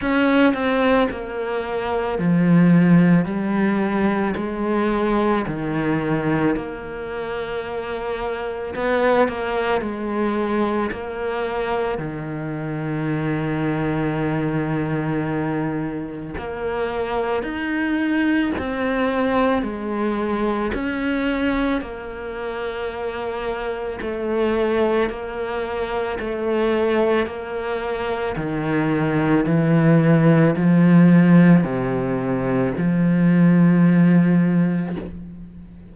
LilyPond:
\new Staff \with { instrumentName = "cello" } { \time 4/4 \tempo 4 = 55 cis'8 c'8 ais4 f4 g4 | gis4 dis4 ais2 | b8 ais8 gis4 ais4 dis4~ | dis2. ais4 |
dis'4 c'4 gis4 cis'4 | ais2 a4 ais4 | a4 ais4 dis4 e4 | f4 c4 f2 | }